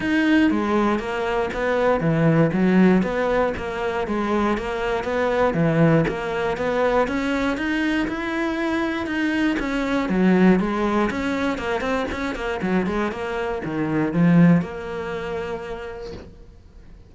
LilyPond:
\new Staff \with { instrumentName = "cello" } { \time 4/4 \tempo 4 = 119 dis'4 gis4 ais4 b4 | e4 fis4 b4 ais4 | gis4 ais4 b4 e4 | ais4 b4 cis'4 dis'4 |
e'2 dis'4 cis'4 | fis4 gis4 cis'4 ais8 c'8 | cis'8 ais8 fis8 gis8 ais4 dis4 | f4 ais2. | }